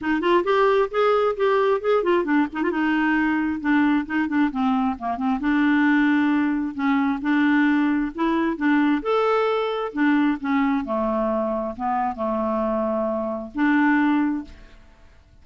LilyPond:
\new Staff \with { instrumentName = "clarinet" } { \time 4/4 \tempo 4 = 133 dis'8 f'8 g'4 gis'4 g'4 | gis'8 f'8 d'8 dis'16 f'16 dis'2 | d'4 dis'8 d'8 c'4 ais8 c'8 | d'2. cis'4 |
d'2 e'4 d'4 | a'2 d'4 cis'4 | a2 b4 a4~ | a2 d'2 | }